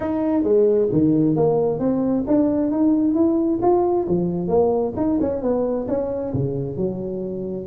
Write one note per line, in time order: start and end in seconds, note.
0.00 0.43 D#4
0.43 0.88 G#3
0.92 1.35 D#3
1.35 1.79 A#3
1.79 2.24 C4
2.27 2.71 D4
2.71 3.14 D#4
3.14 3.59 E4
3.62 4.07 F4
4.07 4.48 F3
4.48 4.93 A#3
4.96 5.19 D#4
5.20 5.41 C#4
5.41 5.86 B3
5.87 6.33 C#4
6.33 6.77 C#3
6.77 7.66 F#3